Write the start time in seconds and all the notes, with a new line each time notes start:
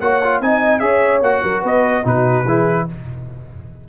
0.00 A#3 F#4 C#5 F#5
0.23 F4
0.40 C4 D#4 D#5 G#5
0.79 C#4 G#4 C#5 E5
1.22 A#3 F#4 F#5
1.43 F#3 A#4
1.61 B3 B4 D#5
2.04 B2 D#4 F#4 B4
2.45 E3 E4 G#4